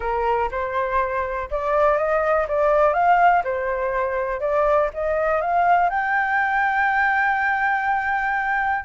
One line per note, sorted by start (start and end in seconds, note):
0.00 0.49 A#4
0.51 1.49 C5
1.50 1.97 D5
1.97 2.46 D#5
2.48 2.93 D5
2.93 3.42 F5
3.44 4.40 C5
4.40 4.89 D5
4.93 5.41 D#5
5.41 5.89 F5
5.89 8.84 G5